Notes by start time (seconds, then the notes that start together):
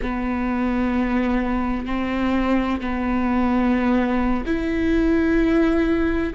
0.02 B3
1.86 C4
2.80 B3
4.45 E4